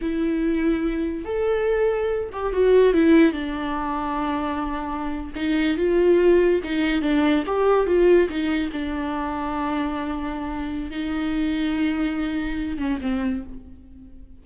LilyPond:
\new Staff \with { instrumentName = "viola" } { \time 4/4 \tempo 4 = 143 e'2. a'4~ | a'4. g'8 fis'4 e'4 | d'1~ | d'8. dis'4 f'2 dis'16~ |
dis'8. d'4 g'4 f'4 dis'16~ | dis'8. d'2.~ d'16~ | d'2 dis'2~ | dis'2~ dis'8 cis'8 c'4 | }